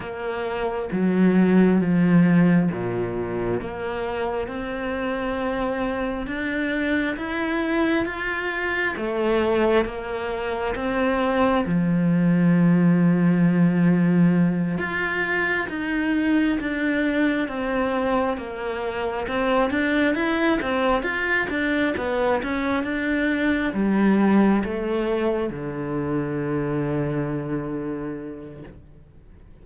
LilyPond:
\new Staff \with { instrumentName = "cello" } { \time 4/4 \tempo 4 = 67 ais4 fis4 f4 ais,4 | ais4 c'2 d'4 | e'4 f'4 a4 ais4 | c'4 f2.~ |
f8 f'4 dis'4 d'4 c'8~ | c'8 ais4 c'8 d'8 e'8 c'8 f'8 | d'8 b8 cis'8 d'4 g4 a8~ | a8 d2.~ d8 | }